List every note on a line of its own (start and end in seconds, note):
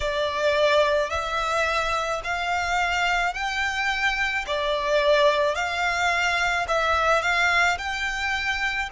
0.00 1.10 D5
1.10 2.21 E5
2.24 3.33 F5
3.33 4.44 G5
4.46 5.55 D5
5.55 6.66 F5
6.68 7.22 E5
7.22 7.77 F5
7.78 8.89 G5